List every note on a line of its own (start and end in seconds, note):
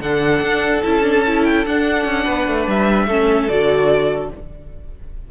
0.00 0.41 D3
0.00 0.83 D4
0.00 2.25 A4
0.00 0.83 F#5
0.41 0.82 D4
0.83 1.66 C#4
0.83 1.02 E4
0.83 1.44 A5
1.02 1.23 D4
1.27 1.66 E4
1.44 1.65 G5
1.66 2.05 D4
1.66 3.09 D4
1.66 2.69 F#5
2.05 2.26 C#4
2.25 2.48 B3
2.25 3.07 B4
2.48 2.67 A3
2.67 3.07 G3
2.67 3.49 E5
3.07 3.48 A3
3.07 3.49 C#4
3.07 4.30 A4
3.49 4.31 D3
3.49 4.31 F#4
3.49 4.30 D5